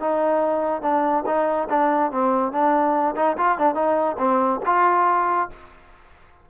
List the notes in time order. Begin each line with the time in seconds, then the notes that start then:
0.00 D#4
0.82 D4
1.27 D#4
1.70 D4
2.12 C4
2.53 D4
3.16 D#4
3.38 F4
3.58 D4
3.75 D#4
4.19 C4
4.66 F4